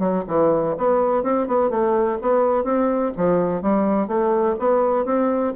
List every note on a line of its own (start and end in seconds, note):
0.00 0.24 F#3
0.28 0.76 E3
0.78 1.24 B3
1.24 1.48 C4
1.48 1.71 B3
1.71 2.19 A3
2.22 2.64 B3
2.64 3.12 C4
3.17 3.63 F3
3.63 4.08 G3
4.08 4.56 A3
4.59 5.06 B3
5.06 5.54 C4